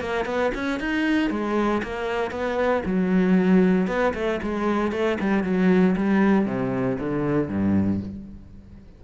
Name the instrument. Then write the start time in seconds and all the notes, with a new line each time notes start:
cello
0.00 A#3
0.25 B3
0.54 C#4
0.80 D#4
1.30 G#3
1.83 A#3
2.31 B3
2.85 F#3
3.87 B3
4.14 A3
4.42 G#3
4.92 A3
5.20 G3
5.43 F#3
5.96 G3
6.46 C3
6.99 D3
7.48 G2